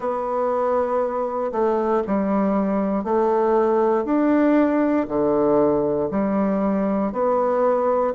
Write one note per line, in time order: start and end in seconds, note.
0.00 1.51 B3
1.52 2.02 A3
2.06 3.04 G3
3.04 4.04 A3
4.04 5.06 D4
5.08 6.09 D3
6.10 7.12 G3
7.12 8.14 B3